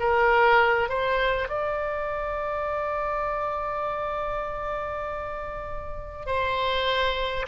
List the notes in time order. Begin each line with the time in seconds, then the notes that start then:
0.00 A#4
0.89 C5
1.49 D5
6.26 C5